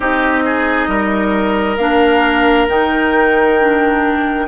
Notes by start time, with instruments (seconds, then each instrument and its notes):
0.00 bassoon C4, clarinet D#4, oboe G4, flute D#5
0.45 oboe G#4
0.87 bassoon G3, oboe A#4
1.77 bassoon A#3, clarinet D4, flute F5
2.68 bassoon D#3, clarinet D#4, flute G5
3.59 clarinet D4